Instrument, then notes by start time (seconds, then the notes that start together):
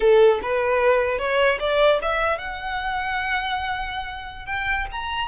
violin
0.00 A4
0.42 B4
1.18 C#5
1.59 D5
2.02 E5
2.38 F#5
4.46 G5
4.91 A#5